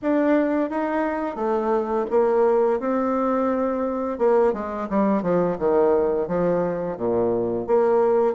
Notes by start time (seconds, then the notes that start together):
0.02 D4
0.69 D#4
1.35 A3
2.10 A#3
2.79 C4
4.18 A#3
4.53 G#3
4.89 G3
5.22 F3
5.58 D#3
6.27 F3
6.97 A#2
7.66 A#3